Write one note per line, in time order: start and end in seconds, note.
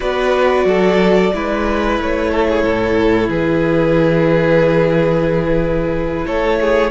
0.00 0.65 B3
0.00 1.32 F#4
0.00 0.66 B4
0.00 1.98 D5
0.65 1.31 F#3
0.65 1.33 A4
1.32 1.99 G#3
1.32 6.91 E4
1.32 2.30 B4
1.99 2.63 A3
1.99 3.30 C#5
2.30 2.47 A4
2.48 2.63 G#4
2.63 3.28 A2
2.63 3.29 A4
3.28 6.25 E3
3.28 6.25 G#4
3.28 6.26 B4
6.26 6.91 A3
6.26 6.59 A4
6.26 6.91 C#5
6.60 6.91 G#4